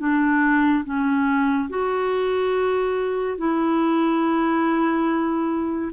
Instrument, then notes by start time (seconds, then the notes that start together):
clarinet
0.00 D4
0.85 C#4
1.70 F#4
3.38 E4